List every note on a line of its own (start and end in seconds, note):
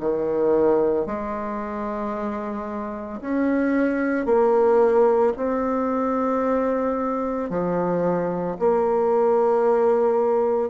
0.00 1.06 D#3
1.06 3.20 G#3
3.21 4.26 C#4
4.26 5.33 A#3
5.36 7.50 C4
7.50 8.57 F3
8.59 10.70 A#3